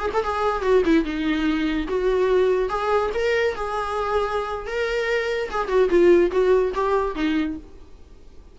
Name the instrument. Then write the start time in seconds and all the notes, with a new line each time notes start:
viola
0.00 G#4
0.14 A4
0.24 G#4
0.63 F#4
0.86 E4
1.05 D#4
1.88 F#4
2.70 G#4
3.14 A#4
3.56 G#4
4.67 A#4
5.51 G#4
5.68 F#4
5.90 F4
6.32 F#4
6.75 G4
7.16 D#4